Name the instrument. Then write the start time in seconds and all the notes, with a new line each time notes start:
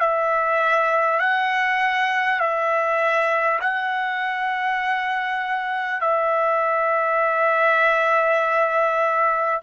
trumpet
0.00 E5
1.20 F#5
2.39 E5
3.61 F#5
6.01 E5